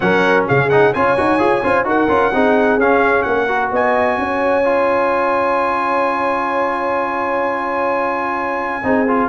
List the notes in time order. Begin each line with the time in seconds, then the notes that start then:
0.00 F#3 C#4 A#4 F#5
0.47 C#3 G#4 F5
0.69 D#4 F#5
0.93 C#4 F4 C#5 G#5
1.17 D#4 F#4
1.38 F4 G#4
1.62 C#4 F4 C5
1.84 D#4 F#4 A#4 F#5
2.08 C#4 F4
2.33 C4 D#4 G#4
2.77 C#4 F5
3.22 A#3 A#4 F#5
3.48 F#4
3.71 B3 D#5 G#5
4.17 C#4 C#5
4.64 F4
8.83 C4 D#4 G#4
9.07 F4